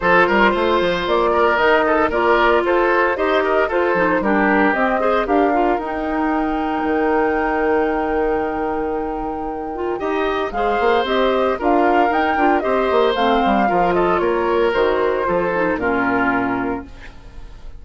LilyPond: <<
  \new Staff \with { instrumentName = "flute" } { \time 4/4 \tempo 4 = 114 c''2 d''4 dis''4 | d''4 c''4 dis''4 c''4 | ais'4 dis''4 f''4 g''4~ | g''1~ |
g''1 | f''4 dis''4 f''4 g''4 | dis''4 f''4. dis''8 cis''4 | c''2 ais'2 | }
  \new Staff \with { instrumentName = "oboe" } { \time 4/4 a'8 ais'8 c''4. ais'4 a'8 | ais'4 a'4 c''8 ais'8 a'4 | g'4. c''8 ais'2~ | ais'1~ |
ais'2. dis''4 | c''2 ais'2 | c''2 ais'8 a'8 ais'4~ | ais'4 a'4 f'2 | }
  \new Staff \with { instrumentName = "clarinet" } { \time 4/4 f'2. dis'4 | f'2 g'4 f'8 dis'8 | d'4 c'8 gis'8 g'8 f'8 dis'4~ | dis'1~ |
dis'2~ dis'8 f'8 g'4 | gis'4 g'4 f'4 dis'8 f'8 | g'4 c'4 f'2 | fis'4 f'8 dis'8 cis'2 | }
  \new Staff \with { instrumentName = "bassoon" } { \time 4/4 f8 g8 a8 f8 ais4 dis4 | ais4 f'4 dis'4 f'8 f8 | g4 c'4 d'4 dis'4~ | dis'4 dis2.~ |
dis2. dis'4 | gis8 ais8 c'4 d'4 dis'8 d'8 | c'8 ais8 a8 g8 f4 ais4 | dis4 f4 ais,2 | }
>>